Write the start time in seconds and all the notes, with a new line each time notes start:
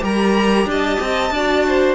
0.00 G3 G4 A#4 A#5
0.65 D4 D#5 A5
1.00 C4
1.30 D4 F#4 D5
1.68 C5